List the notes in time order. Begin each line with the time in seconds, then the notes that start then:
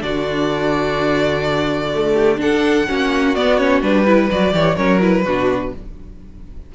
0.00 D3 D4 F#4 D5
1.94 A3
2.13 G4
2.37 D4 A4 F#5
2.88 A#3 C#4 F#4
3.35 B3 D5
3.57 C#4 C#5
3.82 G3 D4 B4
4.06 E4 B4
4.31 F#3 F#4 D5
4.52 E3 G4 C#5
4.76 F#3 C#4 A#4 C#5
5.01 E4 B4
5.24 B2 D4 F#4